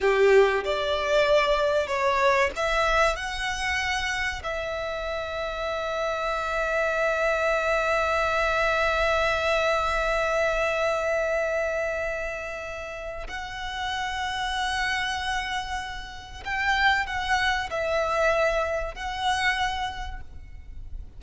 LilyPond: \new Staff \with { instrumentName = "violin" } { \time 4/4 \tempo 4 = 95 g'4 d''2 cis''4 | e''4 fis''2 e''4~ | e''1~ | e''1~ |
e''1~ | e''4 fis''2.~ | fis''2 g''4 fis''4 | e''2 fis''2 | }